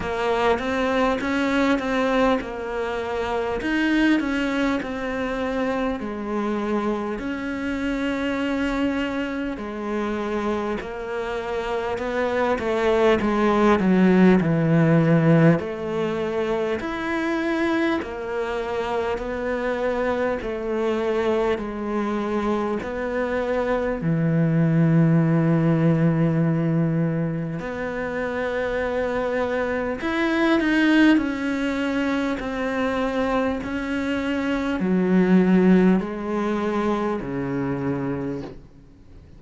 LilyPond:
\new Staff \with { instrumentName = "cello" } { \time 4/4 \tempo 4 = 50 ais8 c'8 cis'8 c'8 ais4 dis'8 cis'8 | c'4 gis4 cis'2 | gis4 ais4 b8 a8 gis8 fis8 | e4 a4 e'4 ais4 |
b4 a4 gis4 b4 | e2. b4~ | b4 e'8 dis'8 cis'4 c'4 | cis'4 fis4 gis4 cis4 | }